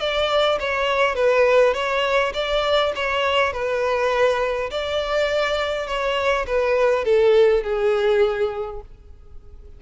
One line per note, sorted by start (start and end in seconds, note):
0.00 0.59 D5
0.60 1.15 C#5
1.15 1.74 B4
1.74 2.33 C#5
2.34 2.93 D5
2.96 3.53 C#5
3.53 4.71 B4
4.71 5.87 D5
5.87 6.46 C#5
6.47 7.05 B4
7.05 7.64 A4
7.64 8.81 G#4